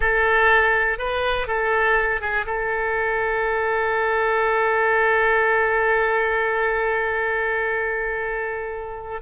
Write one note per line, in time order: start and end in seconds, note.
0.00 0.98 A4
0.98 1.47 B4
1.47 2.20 A4
2.21 2.45 G#4
2.46 9.21 A4